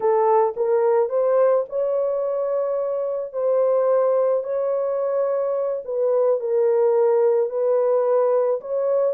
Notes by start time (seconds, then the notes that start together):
0.00 A4
0.56 A#4
1.09 C5
1.69 C#5
3.32 C5
4.43 C#5
5.85 B4
6.40 A#4
7.49 B4
8.60 C#5